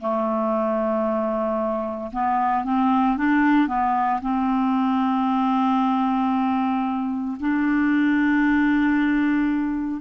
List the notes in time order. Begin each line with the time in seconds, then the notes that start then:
0.00 A3
2.12 B3
2.64 C4
3.17 D4
3.67 B3
4.22 C4
7.40 D4